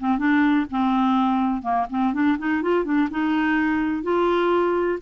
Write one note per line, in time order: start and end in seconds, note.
0.00 0.19 C4
0.19 0.67 D4
0.71 1.63 C4
1.63 1.87 A#3
1.90 2.14 C4
2.14 2.38 D4
2.39 2.62 D#4
2.62 2.85 F4
2.85 3.09 D4
3.11 4.04 D#4
4.04 5.00 F4